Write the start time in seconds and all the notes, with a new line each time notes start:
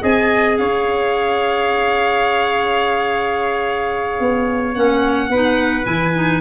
0.00 C4 G#4 D#5 G#5
0.57 C#4 C#5 F5
4.20 B3
4.74 A#3 C#4 F#5
5.29 B3 D#4 B4
5.84 E3 E4 G#5
6.14 D#4